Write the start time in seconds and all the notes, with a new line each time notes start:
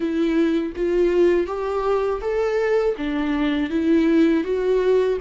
0.00 E4
0.76 F4
1.46 G4
2.21 A4
2.97 D4
3.70 E4
4.43 F#4